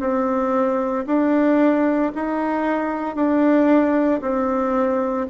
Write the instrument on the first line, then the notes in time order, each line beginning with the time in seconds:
bassoon
0.00 C4
1.06 D4
2.15 D#4
3.15 D4
4.22 C4